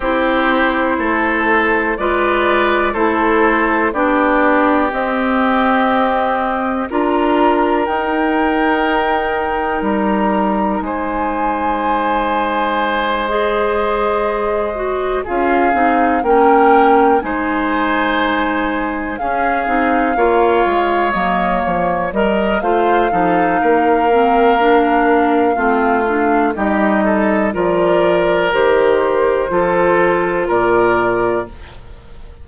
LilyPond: <<
  \new Staff \with { instrumentName = "flute" } { \time 4/4 \tempo 4 = 61 c''2 d''4 c''4 | d''4 dis''2 ais''4 | g''2 ais''4 gis''4~ | gis''4. dis''2 f''8~ |
f''8 g''4 gis''2 f''8~ | f''4. dis''8 cis''8 dis''8 f''4~ | f''2. dis''4 | d''4 c''2 d''4 | }
  \new Staff \with { instrumentName = "oboe" } { \time 4/4 g'4 a'4 b'4 a'4 | g'2. ais'4~ | ais'2. c''4~ | c''2.~ c''8 gis'8~ |
gis'8 ais'4 c''2 gis'8~ | gis'8 cis''2 ais'8 c''8 a'8 | ais'2 f'4 g'8 a'8 | ais'2 a'4 ais'4 | }
  \new Staff \with { instrumentName = "clarinet" } { \time 4/4 e'2 f'4 e'4 | d'4 c'2 f'4 | dis'1~ | dis'4. gis'4. fis'8 f'8 |
dis'8 cis'4 dis'2 cis'8 | dis'8 f'4 ais4 ais'8 f'8 dis'8~ | dis'8 c'8 d'4 c'8 d'8 dis'4 | f'4 g'4 f'2 | }
  \new Staff \with { instrumentName = "bassoon" } { \time 4/4 c'4 a4 gis4 a4 | b4 c'2 d'4 | dis'2 g4 gis4~ | gis2.~ gis8 cis'8 |
c'8 ais4 gis2 cis'8 | c'8 ais8 gis8 fis8 f8 g8 a8 f8 | ais2 a4 g4 | f4 dis4 f4 ais,4 | }
>>